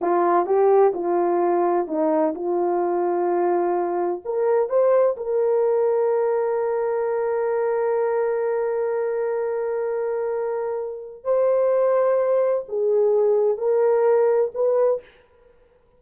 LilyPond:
\new Staff \with { instrumentName = "horn" } { \time 4/4 \tempo 4 = 128 f'4 g'4 f'2 | dis'4 f'2.~ | f'4 ais'4 c''4 ais'4~ | ais'1~ |
ais'1~ | ais'1 | c''2. gis'4~ | gis'4 ais'2 b'4 | }